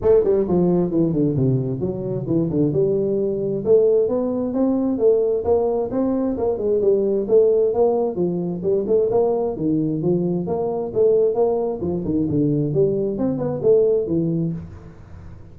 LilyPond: \new Staff \with { instrumentName = "tuba" } { \time 4/4 \tempo 4 = 132 a8 g8 f4 e8 d8 c4 | fis4 e8 d8 g2 | a4 b4 c'4 a4 | ais4 c'4 ais8 gis8 g4 |
a4 ais4 f4 g8 a8 | ais4 dis4 f4 ais4 | a4 ais4 f8 dis8 d4 | g4 c'8 b8 a4 e4 | }